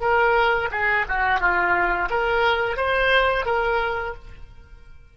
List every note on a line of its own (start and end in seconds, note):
0.00 0.69 A#4
0.71 1.05 G#4
1.08 1.40 F#4
1.40 2.09 F4
2.10 2.77 A#4
2.77 3.45 C5
3.45 4.14 A#4